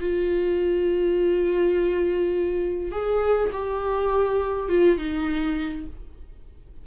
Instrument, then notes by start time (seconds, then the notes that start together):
viola
0.00 F4
2.91 G#4
3.52 G4
4.69 F4
4.98 D#4